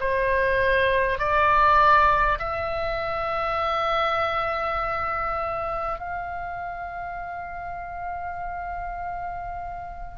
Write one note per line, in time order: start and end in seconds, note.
0.00 1.18 C5
1.18 2.38 D5
2.39 5.99 E5
5.99 10.18 F5